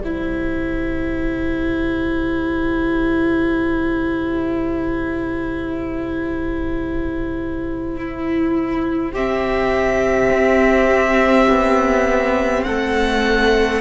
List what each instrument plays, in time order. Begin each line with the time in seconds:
0.00 cello C3, viola E4, violin G4 C5
7.97 violin E4
9.12 viola C4, violin G4 E5
10.30 cello C4
11.49 cello B3
12.64 cello A3, violin A4 F#5